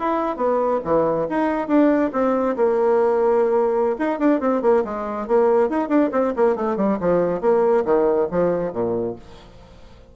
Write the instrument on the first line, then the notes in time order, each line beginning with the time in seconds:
bassoon
0.00 E4
0.37 B3
0.85 E3
1.30 D#4
1.68 D4
2.13 C4
2.56 A#3
3.99 D#4
4.19 D4
4.40 C4
4.62 A#3
4.85 G#3
5.28 A#3
5.70 D#4
5.89 D4
6.12 C4
6.36 A#3
6.56 A3
6.77 G3
7.00 F3
7.41 A#3
7.85 D#3
8.31 F3
8.73 A#2